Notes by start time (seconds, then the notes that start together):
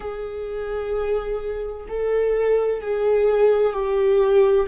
0.00 G#4
1.88 A4
2.81 G#4
3.72 G4